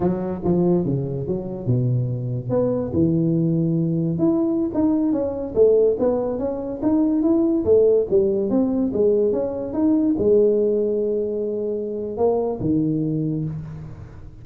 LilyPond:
\new Staff \with { instrumentName = "tuba" } { \time 4/4 \tempo 4 = 143 fis4 f4 cis4 fis4 | b,2 b4 e4~ | e2 e'4~ e'16 dis'8.~ | dis'16 cis'4 a4 b4 cis'8.~ |
cis'16 dis'4 e'4 a4 g8.~ | g16 c'4 gis4 cis'4 dis'8.~ | dis'16 gis2.~ gis8.~ | gis4 ais4 dis2 | }